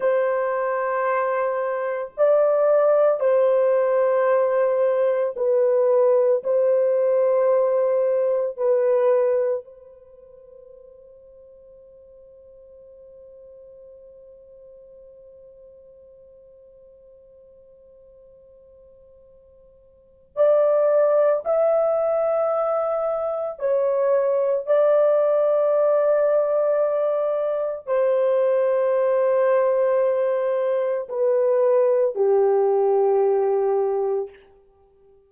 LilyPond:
\new Staff \with { instrumentName = "horn" } { \time 4/4 \tempo 4 = 56 c''2 d''4 c''4~ | c''4 b'4 c''2 | b'4 c''2.~ | c''1~ |
c''2. d''4 | e''2 cis''4 d''4~ | d''2 c''2~ | c''4 b'4 g'2 | }